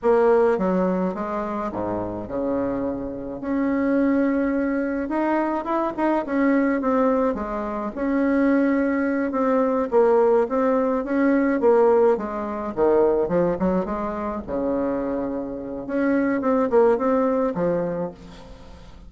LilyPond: \new Staff \with { instrumentName = "bassoon" } { \time 4/4 \tempo 4 = 106 ais4 fis4 gis4 gis,4 | cis2 cis'2~ | cis'4 dis'4 e'8 dis'8 cis'4 | c'4 gis4 cis'2~ |
cis'8 c'4 ais4 c'4 cis'8~ | cis'8 ais4 gis4 dis4 f8 | fis8 gis4 cis2~ cis8 | cis'4 c'8 ais8 c'4 f4 | }